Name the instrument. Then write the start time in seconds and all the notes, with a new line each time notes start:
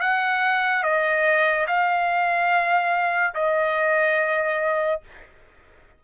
trumpet
0.00 F#5
0.83 D#5
1.67 F5
3.34 D#5